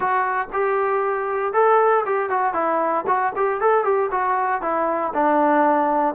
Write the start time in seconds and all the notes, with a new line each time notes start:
0.00 F#4
0.53 G4
1.53 A4
2.05 G4
2.29 F#4
2.53 E4
3.07 F#4
3.35 G4
3.60 A4
3.84 G4
4.11 F#4
4.61 E4
5.14 D4